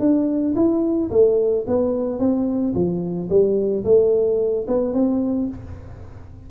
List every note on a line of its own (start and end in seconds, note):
0.00 0.55 D4
0.56 1.10 E4
1.11 1.65 A3
1.68 2.20 B3
2.20 2.74 C4
2.75 3.29 F3
3.30 3.84 G3
3.85 4.67 A3
4.68 4.94 B3
4.94 5.48 C4